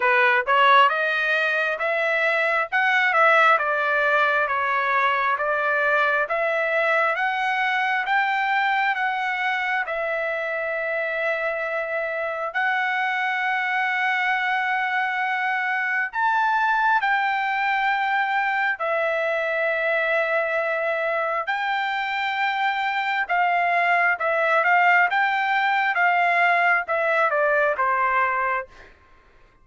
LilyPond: \new Staff \with { instrumentName = "trumpet" } { \time 4/4 \tempo 4 = 67 b'8 cis''8 dis''4 e''4 fis''8 e''8 | d''4 cis''4 d''4 e''4 | fis''4 g''4 fis''4 e''4~ | e''2 fis''2~ |
fis''2 a''4 g''4~ | g''4 e''2. | g''2 f''4 e''8 f''8 | g''4 f''4 e''8 d''8 c''4 | }